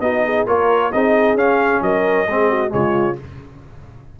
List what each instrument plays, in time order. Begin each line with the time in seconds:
0.00 tuba B3, trombone D#4, horn F#4, trumpet D#5
0.25 horn G#4
0.46 tuba A#3, trombone F4, horn A#4, trumpet C#5
0.92 tuba C4, trombone D#4, horn G#4, trumpet D#5
1.34 tuba C#4, trombone C#4, trumpet F5
1.81 tuba F#3, horn A#4, trumpet D#5
2.27 tuba G#3, trombone C4, horn G#4
2.50 horn F#4
2.68 tuba C#3, trombone G#3, trumpet C#5
2.74 horn F4